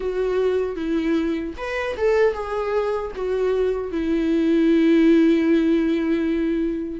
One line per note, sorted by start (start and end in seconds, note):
0.00 0.75 F#4
0.75 1.53 E4
1.57 1.96 B4
1.97 2.33 A4
2.33 3.11 G#4
3.15 3.91 F#4
3.91 7.00 E4